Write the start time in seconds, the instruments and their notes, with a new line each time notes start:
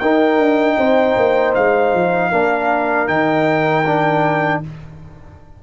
0.00 tuba D#4, trombone D#4, horn A#4, trumpet G5
0.38 tuba D4
0.78 tuba C4, horn C5
1.17 tuba A#3
1.54 tuba G#3, trumpet F5
1.94 tuba F3
2.32 tuba A#3, trombone D4, horn A#4
3.08 tuba D#3, trombone D#4, trumpet G5
3.86 trombone D4